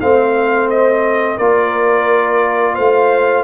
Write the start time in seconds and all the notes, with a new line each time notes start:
0.00 A3 C4 C5 F5
0.70 D#5
1.36 A#3 F4 A#4 D5
2.74 A3 C5 F5